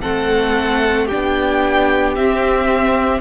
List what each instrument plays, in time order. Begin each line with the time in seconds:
0.00 cello A3, viola C4, violin A4 F#5
1.06 viola D4, violin G4 G5
1.13 cello B3
2.15 cello C4, viola C4, violin E5